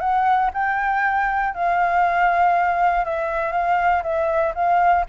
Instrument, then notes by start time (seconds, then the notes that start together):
flute
0.00 F#5
0.54 G5
1.55 F5
3.05 E5
3.52 F5
4.03 E5
4.55 F5